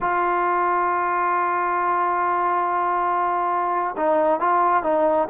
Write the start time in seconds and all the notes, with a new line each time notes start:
0.00 F4
3.96 D#4
4.39 F4
4.83 D#4